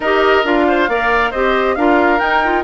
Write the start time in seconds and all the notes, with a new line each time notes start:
0.00 D#4 G4 A#4 D#5
0.44 D4 F4 F5
0.67 C5
0.88 A#3 A#4 D5
1.30 C4 G4 C5 D#5
1.75 D4 F4 A#4 F5
2.19 D#4 G5
2.44 F4